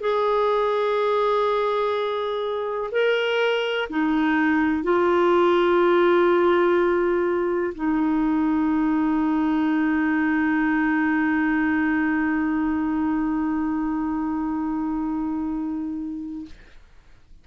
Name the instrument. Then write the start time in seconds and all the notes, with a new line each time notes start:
clarinet
0.00 G#4
2.92 A#4
3.89 D#4
4.83 F4
7.75 D#4